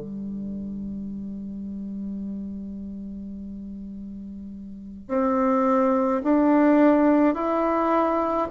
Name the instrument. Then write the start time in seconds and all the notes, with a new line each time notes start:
bassoon
0.00 G3
5.08 C4
6.23 D4
7.34 E4